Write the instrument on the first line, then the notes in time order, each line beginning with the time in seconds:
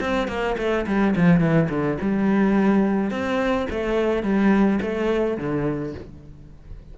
cello
0.00 C4
0.28 A#3
0.58 A3
0.86 G3
1.16 F3
1.40 E3
1.69 D3
2.01 G3
3.10 C4
3.70 A3
4.23 G3
4.81 A3
5.37 D3